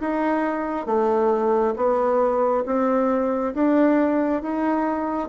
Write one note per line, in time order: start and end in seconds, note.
0.00 0.86 D#4
0.86 1.74 A3
1.76 2.64 B3
2.66 3.54 C4
3.54 4.42 D4
4.42 5.29 D#4